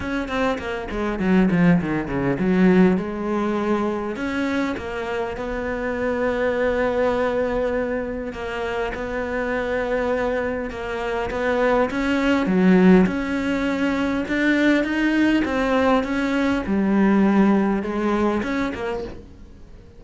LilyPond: \new Staff \with { instrumentName = "cello" } { \time 4/4 \tempo 4 = 101 cis'8 c'8 ais8 gis8 fis8 f8 dis8 cis8 | fis4 gis2 cis'4 | ais4 b2.~ | b2 ais4 b4~ |
b2 ais4 b4 | cis'4 fis4 cis'2 | d'4 dis'4 c'4 cis'4 | g2 gis4 cis'8 ais8 | }